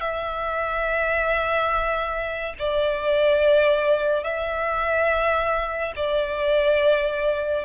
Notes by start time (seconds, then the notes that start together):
0.00 E5
2.59 D5
4.23 E5
5.96 D5